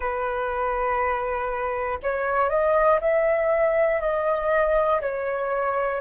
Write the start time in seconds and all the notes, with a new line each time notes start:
0.00 B4
2.02 C#5
2.50 D#5
3.00 E5
4.00 D#5
5.01 C#5